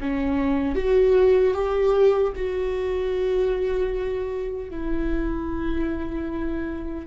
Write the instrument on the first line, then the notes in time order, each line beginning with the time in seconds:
viola
0.00 C#4
0.75 F#4
1.54 G4
2.35 F#4
4.70 E4